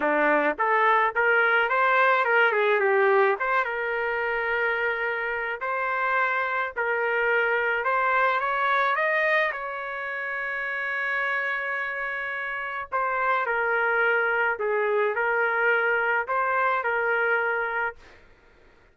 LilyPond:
\new Staff \with { instrumentName = "trumpet" } { \time 4/4 \tempo 4 = 107 d'4 a'4 ais'4 c''4 | ais'8 gis'8 g'4 c''8 ais'4.~ | ais'2 c''2 | ais'2 c''4 cis''4 |
dis''4 cis''2.~ | cis''2. c''4 | ais'2 gis'4 ais'4~ | ais'4 c''4 ais'2 | }